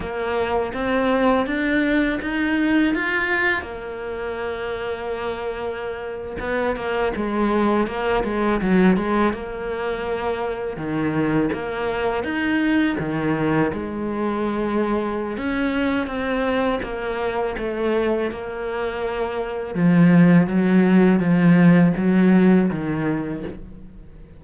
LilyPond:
\new Staff \with { instrumentName = "cello" } { \time 4/4 \tempo 4 = 82 ais4 c'4 d'4 dis'4 | f'4 ais2.~ | ais8. b8 ais8 gis4 ais8 gis8 fis16~ | fis16 gis8 ais2 dis4 ais16~ |
ais8. dis'4 dis4 gis4~ gis16~ | gis4 cis'4 c'4 ais4 | a4 ais2 f4 | fis4 f4 fis4 dis4 | }